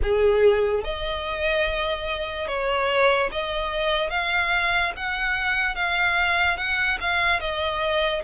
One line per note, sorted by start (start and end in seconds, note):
0.02 0.84 G#4
0.84 2.47 D#5
2.47 3.30 C#5
3.31 4.10 D#5
4.10 4.92 F5
4.96 5.75 F#5
5.75 6.57 F5
6.57 6.98 F#5
7.00 7.40 F5
7.40 8.22 D#5